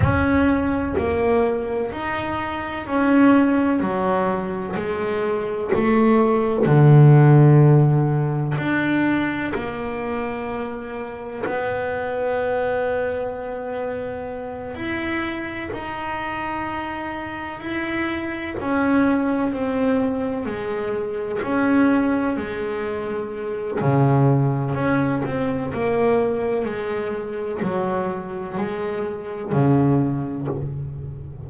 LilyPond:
\new Staff \with { instrumentName = "double bass" } { \time 4/4 \tempo 4 = 63 cis'4 ais4 dis'4 cis'4 | fis4 gis4 a4 d4~ | d4 d'4 ais2 | b2.~ b8 e'8~ |
e'8 dis'2 e'4 cis'8~ | cis'8 c'4 gis4 cis'4 gis8~ | gis4 cis4 cis'8 c'8 ais4 | gis4 fis4 gis4 cis4 | }